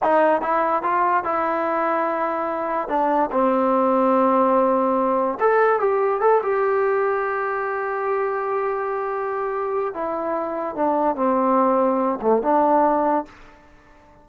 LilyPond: \new Staff \with { instrumentName = "trombone" } { \time 4/4 \tempo 4 = 145 dis'4 e'4 f'4 e'4~ | e'2. d'4 | c'1~ | c'4 a'4 g'4 a'8 g'8~ |
g'1~ | g'1 | e'2 d'4 c'4~ | c'4. a8 d'2 | }